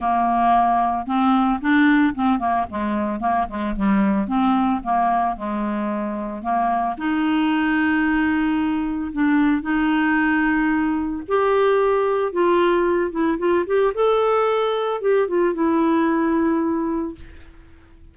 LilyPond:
\new Staff \with { instrumentName = "clarinet" } { \time 4/4 \tempo 4 = 112 ais2 c'4 d'4 | c'8 ais8 gis4 ais8 gis8 g4 | c'4 ais4 gis2 | ais4 dis'2.~ |
dis'4 d'4 dis'2~ | dis'4 g'2 f'4~ | f'8 e'8 f'8 g'8 a'2 | g'8 f'8 e'2. | }